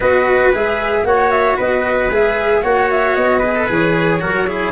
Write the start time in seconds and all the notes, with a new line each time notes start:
0.00 B3 F#4 B4 D#5
0.53 G#3 G#4 E5
1.04 A#3 F#4 C#5 F#5
1.30 E5
1.56 B3 B4 D#5
2.10 G#3 G#4 E5
2.62 A#3 F#4 C#5 F#5
2.90 E5
3.14 B3 D#5
3.38 G#4 B4
3.55 A4
3.68 E3 G#4 C#5
4.20 F#3 F#4 A#4
4.47 E4 G#4